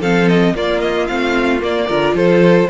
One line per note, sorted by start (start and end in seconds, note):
0.00 0.54 F3
0.00 0.55 C4
0.00 0.54 A4
0.00 0.28 F5
0.28 0.55 D#5
0.55 1.08 A#3
0.55 1.87 F4
0.55 0.80 D5
0.80 1.07 D#5
1.07 1.63 A3
1.07 1.60 C4
1.07 1.60 F5
1.60 1.87 A#3
1.60 1.90 A#3
1.60 2.16 D5
1.87 2.13 D3
1.87 2.69 F4
1.87 2.14 A#4
2.13 2.67 F3
2.13 2.69 A4
2.13 2.69 C5